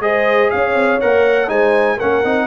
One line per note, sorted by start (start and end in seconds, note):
0.00 0.50 G#3
0.00 1.00 G#4
0.00 0.52 C5
0.00 0.50 D#5
0.50 0.74 C#4
0.50 1.50 C#5
0.50 1.00 F5
0.74 0.99 C4
1.00 1.49 A#3
1.00 1.47 A#4
1.00 1.49 F#5
1.47 1.98 G#3
1.47 1.97 D#4
1.47 1.96 C5
1.47 1.99 G#5
1.96 2.24 A#3
1.96 2.24 C#4
1.96 2.46 A#4
1.96 2.47 F#5
2.24 2.47 C4
2.24 2.47 D#4